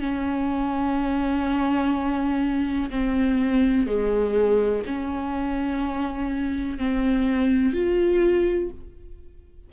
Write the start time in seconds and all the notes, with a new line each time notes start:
0.00 C#4
2.91 C4
3.87 G#3
4.87 C#4
6.78 C4
7.74 F4